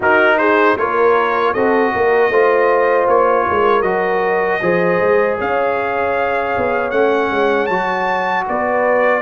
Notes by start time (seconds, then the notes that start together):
0.00 D#4 F#4 A#4
0.37 G#4 C5
0.77 A#3 F4 A#4 C#5
1.53 C4 F#4 A4 D#5
1.94 A#3 A#4
2.29 A3 F4 C5
3.07 A#3 C#5
3.47 G#3 A#4
3.81 F#3 F#4 D#5
4.61 F3 G#4 C5
5.00 G#3
5.38 C#4 C#5 F5
6.57 B3
6.90 A3 C#4 F#5
7.30 G#3
7.66 F#3 F#4 A5
8.46 B3 B4 D5